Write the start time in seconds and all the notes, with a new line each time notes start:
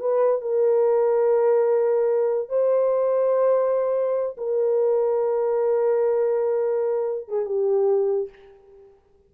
0.00 B4
0.41 A#4
2.49 C5
4.37 A#4
7.28 G#4
7.46 G4